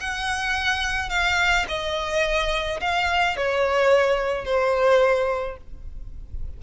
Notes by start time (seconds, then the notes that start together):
0.00 F#5
1.10 F5
1.68 D#5
2.80 F5
3.37 C#5
4.45 C5